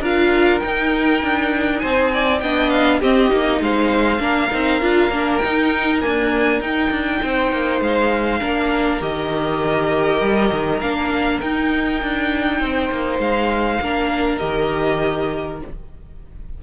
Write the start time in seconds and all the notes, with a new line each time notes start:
0.00 D4 F4 A#4 F5
0.59 D#4 G5
1.23 D4
1.79 C4 C5 G#5
2.13 D5
2.40 B3 D4 D#5 G5
2.70 F5
3.00 C4 G4 D#5
3.29 A#3 D#4
3.61 G#3 C5 F5
4.19 A#3 D4 A#4
4.51 C4 D#4
4.82 D4 F4
5.10 A#3 D4
5.38 D#4 G5
5.45 D#4
6.01 A#3 D4 G#5
6.60 D#4 G5
6.91 D4
7.22 C4 C5
7.52 A#3
7.81 G#3 F5
8.40 A#3 D4 A#4
9.01 D#3 G4 D#5
10.21 G3
10.51 D#3
10.80 A#3 D4 F5
11.40 D#4 G5
12.02 D4
12.60 C4 C5
12.91 A#3
13.19 G#3 F5
13.81 A#3 D4 A#4
14.38 D#3 G4 D#5